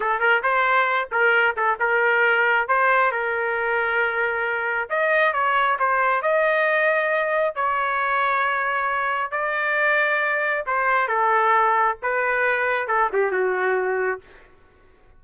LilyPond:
\new Staff \with { instrumentName = "trumpet" } { \time 4/4 \tempo 4 = 135 a'8 ais'8 c''4. ais'4 a'8 | ais'2 c''4 ais'4~ | ais'2. dis''4 | cis''4 c''4 dis''2~ |
dis''4 cis''2.~ | cis''4 d''2. | c''4 a'2 b'4~ | b'4 a'8 g'8 fis'2 | }